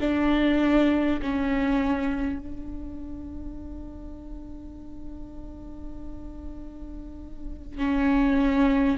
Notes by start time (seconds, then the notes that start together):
0.00 D4
1.22 C#4
2.39 D4
7.78 C#4